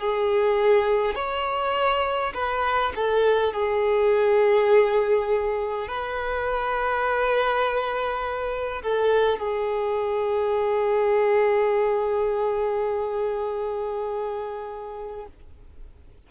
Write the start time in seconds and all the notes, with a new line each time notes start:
0.00 G#4
1.16 C#5
2.34 B4
2.96 A4
3.53 G#4
5.88 B4
8.83 A4
9.39 G#4